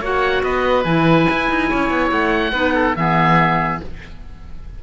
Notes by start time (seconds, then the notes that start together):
0.00 A#3 F#4 C#5 F#5
0.43 B3 B4 D#5
0.84 E3 E4 G#5
1.30 E4
1.50 D#4
1.69 C#4 C#5
1.90 B3
2.11 A3 F#5
2.52 B3 D#4 B4
2.74 A4
2.95 E3 B3 G#4 E5